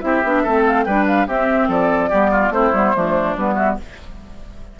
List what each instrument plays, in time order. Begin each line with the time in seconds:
0.00 bassoon C4, clarinet E4, oboe G4, flute E5
0.23 bassoon B3, clarinet D4
0.43 bassoon A3, clarinet C4, oboe A4
0.66 flute F5
0.84 bassoon G3, clarinet D4, oboe B4, flute G5
1.07 flute F5
1.27 bassoon C4, clarinet C4, oboe G4, flute E5
1.68 bassoon F3, oboe A4, flute D5
2.09 bassoon G3, clarinet B3, oboe G4
2.31 oboe F4
2.49 bassoon A3, clarinet C4, oboe E4, flute C5
2.73 bassoon G3, clarinet B3
2.94 bassoon F3, clarinet A3, oboe D4
3.36 bassoon G3, clarinet B3, flute B4
3.54 oboe F#4, flute E5